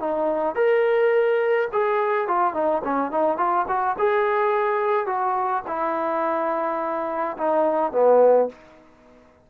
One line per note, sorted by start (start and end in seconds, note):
0.00 0.55 D#4
0.55 1.69 A#4
1.73 2.28 G#4
2.28 2.54 F4
2.54 2.83 D#4
2.84 3.12 C#4
3.12 3.38 D#4
3.38 3.66 F4
3.68 3.97 F#4
3.99 5.07 G#4
5.07 5.63 F#4
5.68 7.37 E4
7.38 7.92 D#4
7.92 8.49 B3